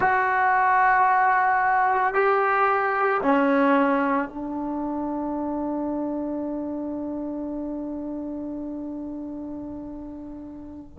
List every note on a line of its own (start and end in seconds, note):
0.00 2.14 F#4
2.14 3.21 G4
3.21 4.28 C#4
4.28 10.98 D4